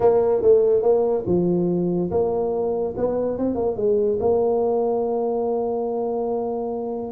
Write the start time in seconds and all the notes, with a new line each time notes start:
0.00 A#3
0.42 A3
0.82 A#3
1.26 F3
2.10 A#3
2.97 B3
3.38 C4
3.55 A#3
3.76 G#3
4.20 A#3